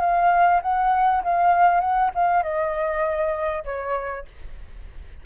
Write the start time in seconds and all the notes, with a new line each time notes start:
0.00 F5
0.62 F#5
1.24 F5
1.80 F#5
2.15 F5
2.43 D#5
3.64 C#5